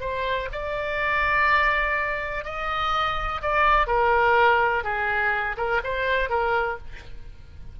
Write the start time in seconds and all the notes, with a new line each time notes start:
0.00 C5
0.52 D5
2.44 D#5
3.41 D5
3.87 A#4
4.83 G#4
5.56 A#4
5.84 C5
6.29 A#4